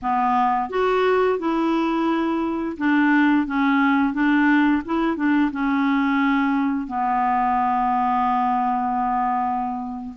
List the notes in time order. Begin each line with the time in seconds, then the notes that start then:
0.02 B3
0.69 F#4
1.38 E4
2.77 D4
3.46 C#4
4.13 D4
4.85 E4
5.16 D4
5.51 C#4
6.87 B3